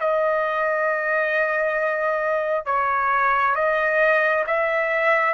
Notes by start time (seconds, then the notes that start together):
0.00 D#5
2.65 C#5
3.55 D#5
4.47 E5